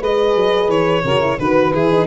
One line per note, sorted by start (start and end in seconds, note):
0.00 0.36 G#3
0.00 1.04 G#4
0.00 1.03 B4
0.00 0.70 D#5
0.36 0.68 F#3
0.68 1.03 E3
0.68 1.39 C#5
1.03 1.38 C#3
1.03 1.21 F#4
1.03 1.37 A#4
1.21 1.38 E4
1.39 1.73 D#3
1.39 1.75 F#4
1.39 1.73 B4
1.39 2.07 B4
1.73 2.07 E3
1.73 1.91 E4
1.73 2.07 G#4
1.91 2.07 D#4